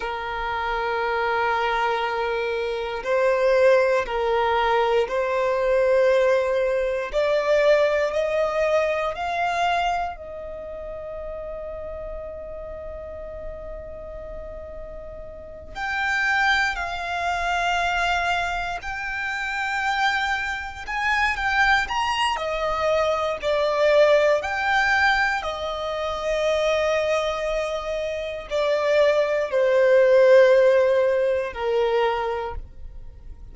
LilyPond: \new Staff \with { instrumentName = "violin" } { \time 4/4 \tempo 4 = 59 ais'2. c''4 | ais'4 c''2 d''4 | dis''4 f''4 dis''2~ | dis''2.~ dis''8 g''8~ |
g''8 f''2 g''4.~ | g''8 gis''8 g''8 ais''8 dis''4 d''4 | g''4 dis''2. | d''4 c''2 ais'4 | }